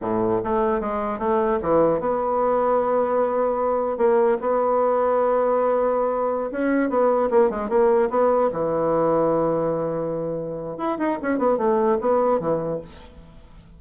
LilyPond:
\new Staff \with { instrumentName = "bassoon" } { \time 4/4 \tempo 4 = 150 a,4 a4 gis4 a4 | e4 b2.~ | b2 ais4 b4~ | b1~ |
b16 cis'4 b4 ais8 gis8 ais8.~ | ais16 b4 e2~ e8.~ | e2. e'8 dis'8 | cis'8 b8 a4 b4 e4 | }